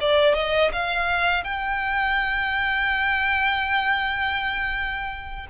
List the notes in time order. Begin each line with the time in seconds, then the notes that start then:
0.00 D5
0.34 D#5
0.72 F5
1.43 G5